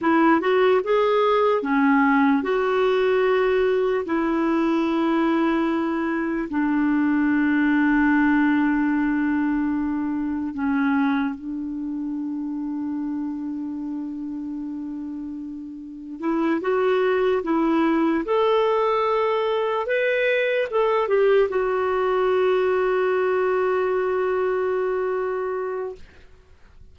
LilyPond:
\new Staff \with { instrumentName = "clarinet" } { \time 4/4 \tempo 4 = 74 e'8 fis'8 gis'4 cis'4 fis'4~ | fis'4 e'2. | d'1~ | d'4 cis'4 d'2~ |
d'1 | e'8 fis'4 e'4 a'4.~ | a'8 b'4 a'8 g'8 fis'4.~ | fis'1 | }